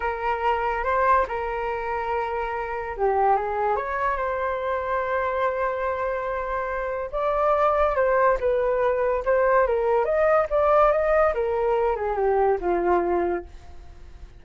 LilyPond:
\new Staff \with { instrumentName = "flute" } { \time 4/4 \tempo 4 = 143 ais'2 c''4 ais'4~ | ais'2. g'4 | gis'4 cis''4 c''2~ | c''1~ |
c''4 d''2 c''4 | b'2 c''4 ais'4 | dis''4 d''4 dis''4 ais'4~ | ais'8 gis'8 g'4 f'2 | }